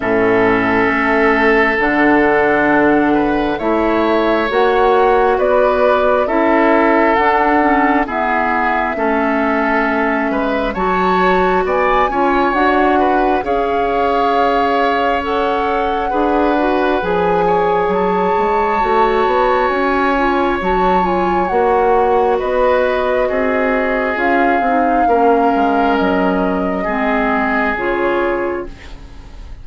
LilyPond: <<
  \new Staff \with { instrumentName = "flute" } { \time 4/4 \tempo 4 = 67 e''2 fis''2 | e''4 fis''4 d''4 e''4 | fis''4 e''2. | a''4 gis''4 fis''4 f''4~ |
f''4 fis''2 gis''4 | a''2 gis''4 a''8 gis''8 | fis''4 dis''2 f''4~ | f''4 dis''2 cis''4 | }
  \new Staff \with { instrumentName = "oboe" } { \time 4/4 a'2.~ a'8 b'8 | cis''2 b'4 a'4~ | a'4 gis'4 a'4. b'8 | cis''4 d''8 cis''4 b'8 cis''4~ |
cis''2 b'4. cis''8~ | cis''1~ | cis''4 b'4 gis'2 | ais'2 gis'2 | }
  \new Staff \with { instrumentName = "clarinet" } { \time 4/4 cis'2 d'2 | e'4 fis'2 e'4 | d'8 cis'8 b4 cis'2 | fis'4. f'8 fis'4 gis'4~ |
gis'4 a'4 gis'8 fis'8 gis'4~ | gis'4 fis'4. f'8 fis'8 f'8 | fis'2. f'8 dis'8 | cis'2 c'4 f'4 | }
  \new Staff \with { instrumentName = "bassoon" } { \time 4/4 a,4 a4 d2 | a4 ais4 b4 cis'4 | d'4 e'4 a4. gis8 | fis4 b8 cis'8 d'4 cis'4~ |
cis'2 d'4 f4 | fis8 gis8 a8 b8 cis'4 fis4 | ais4 b4 c'4 cis'8 c'8 | ais8 gis8 fis4 gis4 cis4 | }
>>